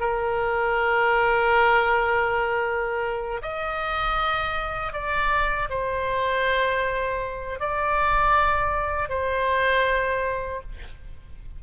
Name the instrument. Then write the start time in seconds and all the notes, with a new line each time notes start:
oboe
0.00 A#4
3.42 D#5
4.93 D5
5.70 C5
7.60 D5
9.09 C5